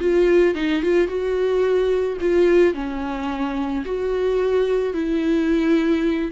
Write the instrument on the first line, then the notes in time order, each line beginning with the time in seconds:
viola
0.00 F4
0.55 D#4
0.82 F4
1.08 F#4
2.21 F4
2.74 C#4
3.85 F#4
4.94 E4